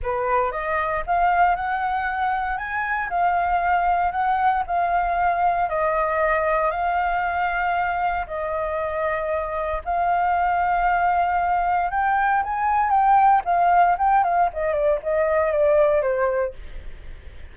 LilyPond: \new Staff \with { instrumentName = "flute" } { \time 4/4 \tempo 4 = 116 b'4 dis''4 f''4 fis''4~ | fis''4 gis''4 f''2 | fis''4 f''2 dis''4~ | dis''4 f''2. |
dis''2. f''4~ | f''2. g''4 | gis''4 g''4 f''4 g''8 f''8 | dis''8 d''8 dis''4 d''4 c''4 | }